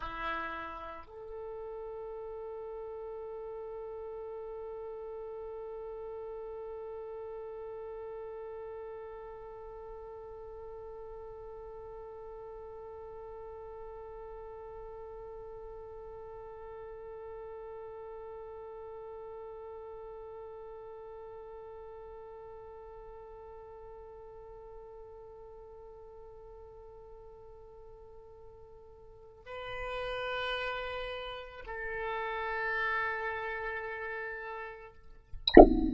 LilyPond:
\new Staff \with { instrumentName = "oboe" } { \time 4/4 \tempo 4 = 55 e'4 a'2.~ | a'1~ | a'1~ | a'1~ |
a'1~ | a'1~ | a'2. b'4~ | b'4 a'2. | }